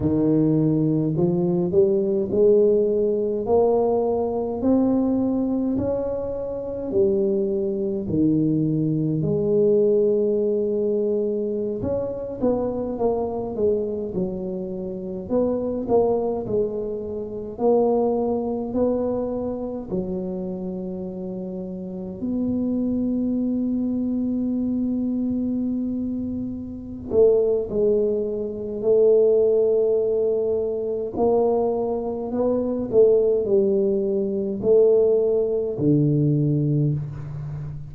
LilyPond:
\new Staff \with { instrumentName = "tuba" } { \time 4/4 \tempo 4 = 52 dis4 f8 g8 gis4 ais4 | c'4 cis'4 g4 dis4 | gis2~ gis16 cis'8 b8 ais8 gis16~ | gis16 fis4 b8 ais8 gis4 ais8.~ |
ais16 b4 fis2 b8.~ | b2.~ b8 a8 | gis4 a2 ais4 | b8 a8 g4 a4 d4 | }